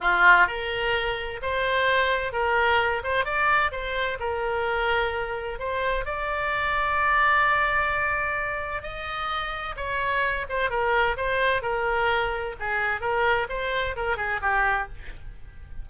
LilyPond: \new Staff \with { instrumentName = "oboe" } { \time 4/4 \tempo 4 = 129 f'4 ais'2 c''4~ | c''4 ais'4. c''8 d''4 | c''4 ais'2. | c''4 d''2.~ |
d''2. dis''4~ | dis''4 cis''4. c''8 ais'4 | c''4 ais'2 gis'4 | ais'4 c''4 ais'8 gis'8 g'4 | }